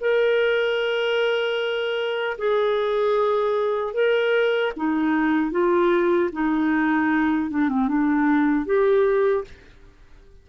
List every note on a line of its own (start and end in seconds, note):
0.00 2.37 A#4
2.38 3.93 G#4
3.93 4.72 A#4
4.76 5.51 D#4
5.51 6.30 F4
6.32 7.50 D#4
7.50 7.69 D4
7.69 7.88 C4
7.88 8.65 D4
8.65 9.44 G4